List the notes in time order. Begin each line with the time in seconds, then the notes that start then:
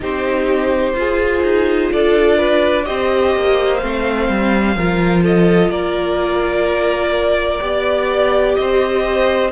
0.00 C4 D#4 G4 C5
0.93 F4 G#4
1.42 D#4
1.92 D4 A4 D5
2.38 B4
2.84 C4 G4 C5 D#5
3.35 A#3
3.77 A3 C4 F5
4.29 G3
4.76 F3 F4 A#4
5.23 A4 D#5
5.69 A#3 A#4 D5
7.60 B3 G4 D5
8.55 C4 C5 D#5